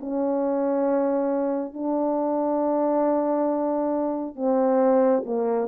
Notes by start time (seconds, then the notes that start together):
0.00 C#4
1.74 D4
4.36 C4
5.26 A#3